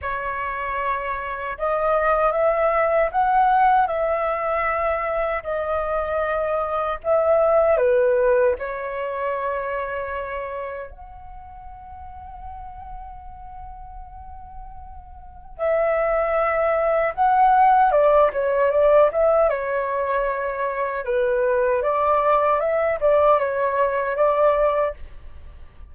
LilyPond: \new Staff \with { instrumentName = "flute" } { \time 4/4 \tempo 4 = 77 cis''2 dis''4 e''4 | fis''4 e''2 dis''4~ | dis''4 e''4 b'4 cis''4~ | cis''2 fis''2~ |
fis''1 | e''2 fis''4 d''8 cis''8 | d''8 e''8 cis''2 b'4 | d''4 e''8 d''8 cis''4 d''4 | }